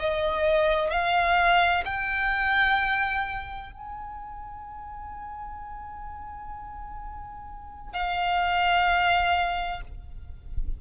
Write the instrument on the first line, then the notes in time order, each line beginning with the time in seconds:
violin
0.00 D#5
0.91 F5
1.85 G5
3.73 G#5
7.94 F5